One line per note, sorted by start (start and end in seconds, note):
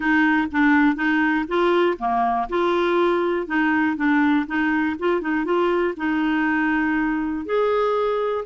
0.00 0.47 D#4
0.51 0.95 D4
0.95 1.45 D#4
1.48 1.97 F4
1.98 2.48 A#3
2.49 3.46 F4
3.46 3.96 D#4
3.96 4.46 D4
4.47 4.96 D#4
4.99 5.21 F4
5.21 5.44 D#4
5.44 5.94 F4
5.96 7.45 D#4
7.45 8.44 G#4